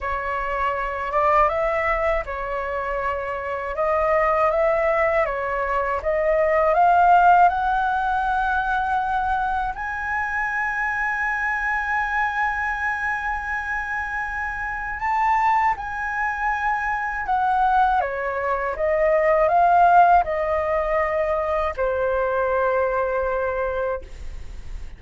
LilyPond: \new Staff \with { instrumentName = "flute" } { \time 4/4 \tempo 4 = 80 cis''4. d''8 e''4 cis''4~ | cis''4 dis''4 e''4 cis''4 | dis''4 f''4 fis''2~ | fis''4 gis''2.~ |
gis''1 | a''4 gis''2 fis''4 | cis''4 dis''4 f''4 dis''4~ | dis''4 c''2. | }